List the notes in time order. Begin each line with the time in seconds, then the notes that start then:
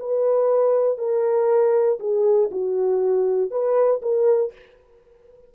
0.00 B4
0.98 A#4
2.00 G#4
2.51 F#4
3.51 B4
4.02 A#4